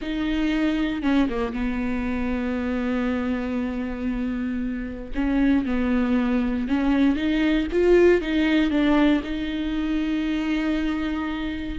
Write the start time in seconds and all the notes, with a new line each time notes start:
0.01 D#4
1.02 C#4
1.29 A#3
1.53 B3
5.14 C#4
5.65 B3
6.68 C#4
7.16 D#4
7.72 F4
8.21 D#4
8.70 D4
9.23 D#4